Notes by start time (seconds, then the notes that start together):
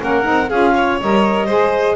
0.00 A#3 C#4 A#4 F#5
0.22 C4 D#4
0.49 C#4 F4 G#4 F5
0.75 C#5
1.01 G3 A#4 D#5
1.46 G#3 G#4 C5